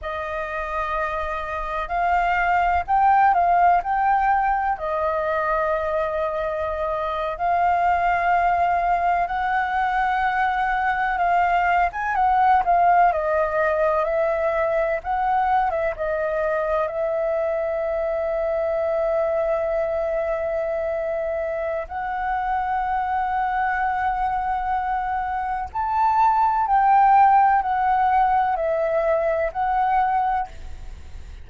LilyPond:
\new Staff \with { instrumentName = "flute" } { \time 4/4 \tempo 4 = 63 dis''2 f''4 g''8 f''8 | g''4 dis''2~ dis''8. f''16~ | f''4.~ f''16 fis''2 f''16~ | f''8 gis''16 fis''8 f''8 dis''4 e''4 fis''16~ |
fis''8 e''16 dis''4 e''2~ e''16~ | e''2. fis''4~ | fis''2. a''4 | g''4 fis''4 e''4 fis''4 | }